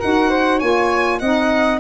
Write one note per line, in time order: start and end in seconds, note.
0.00 0.62 D#4
0.00 0.61 F#4
0.00 0.30 A#4
0.00 0.60 F#5
0.30 0.58 C5
0.58 1.22 A#3
0.58 1.21 F4
0.58 1.18 C#5
0.58 1.20 G#5
1.20 1.80 C4
1.20 1.80 D#4
1.20 1.80 D#5
1.20 1.79 F#5